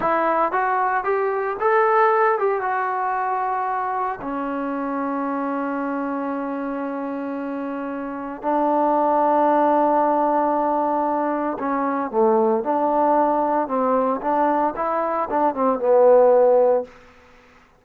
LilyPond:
\new Staff \with { instrumentName = "trombone" } { \time 4/4 \tempo 4 = 114 e'4 fis'4 g'4 a'4~ | a'8 g'8 fis'2. | cis'1~ | cis'1 |
d'1~ | d'2 cis'4 a4 | d'2 c'4 d'4 | e'4 d'8 c'8 b2 | }